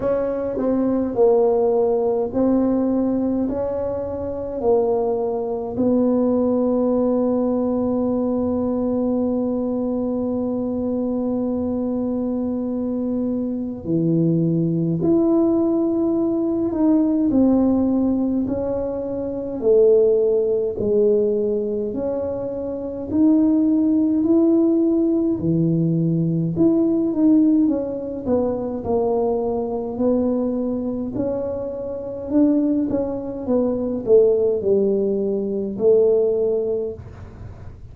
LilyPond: \new Staff \with { instrumentName = "tuba" } { \time 4/4 \tempo 4 = 52 cis'8 c'8 ais4 c'4 cis'4 | ais4 b2.~ | b1 | e4 e'4. dis'8 c'4 |
cis'4 a4 gis4 cis'4 | dis'4 e'4 e4 e'8 dis'8 | cis'8 b8 ais4 b4 cis'4 | d'8 cis'8 b8 a8 g4 a4 | }